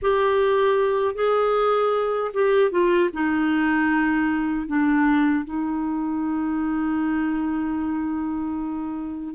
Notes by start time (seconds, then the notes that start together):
0.02 G4
1.14 G#4
2.33 G4
2.71 F4
3.13 D#4
4.67 D4
5.44 D#4